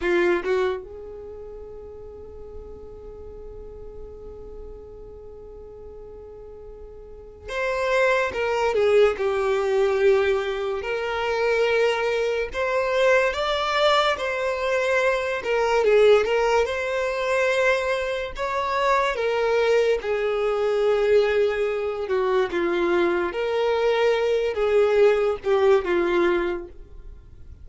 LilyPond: \new Staff \with { instrumentName = "violin" } { \time 4/4 \tempo 4 = 72 f'8 fis'8 gis'2.~ | gis'1~ | gis'4 c''4 ais'8 gis'8 g'4~ | g'4 ais'2 c''4 |
d''4 c''4. ais'8 gis'8 ais'8 | c''2 cis''4 ais'4 | gis'2~ gis'8 fis'8 f'4 | ais'4. gis'4 g'8 f'4 | }